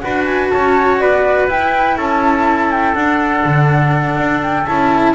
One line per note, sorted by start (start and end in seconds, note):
0.00 0.53 D4
0.00 1.48 F#4
0.00 0.52 B4
0.00 0.24 F#5
0.25 0.49 G#5
0.50 1.01 C#4
0.50 1.02 C#5
0.50 0.98 A5
0.99 1.50 B3
0.99 1.97 B4
0.99 1.48 D5
1.48 2.95 E4
1.48 1.98 E4
1.48 1.99 G5
1.97 2.95 C#4
1.97 5.14 A4
1.97 2.71 A5
2.71 2.95 G5
2.95 3.44 D4
2.95 4.66 D4
2.95 4.41 F#5
3.45 4.18 D3
4.18 4.67 D4
4.43 4.66 G5
4.66 5.15 C#4
4.66 5.15 E4
4.66 5.15 A5